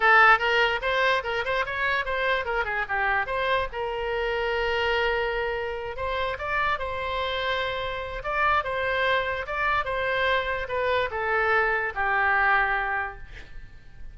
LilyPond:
\new Staff \with { instrumentName = "oboe" } { \time 4/4 \tempo 4 = 146 a'4 ais'4 c''4 ais'8 c''8 | cis''4 c''4 ais'8 gis'8 g'4 | c''4 ais'2.~ | ais'2~ ais'8 c''4 d''8~ |
d''8 c''2.~ c''8 | d''4 c''2 d''4 | c''2 b'4 a'4~ | a'4 g'2. | }